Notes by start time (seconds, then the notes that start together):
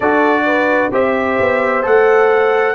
0.00 D4 F#4 A4 D5
0.46 B4
0.91 C4 G4 C5 E5
1.39 B3
1.82 A3 A4 F#5